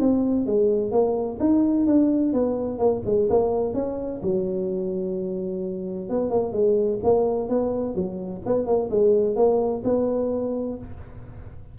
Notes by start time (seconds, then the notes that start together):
0.00 C4
0.46 G#3
0.92 A#3
1.40 D#4
1.87 D4
2.33 B3
2.79 A#3
3.06 G#3
3.30 A#3
3.74 C#4
4.23 F#3
6.10 B3
6.30 A#3
6.53 G#3
7.04 A#3
7.49 B3
7.95 F#3
8.46 B3
8.66 A#3
8.91 G#3
9.36 A#3
9.84 B3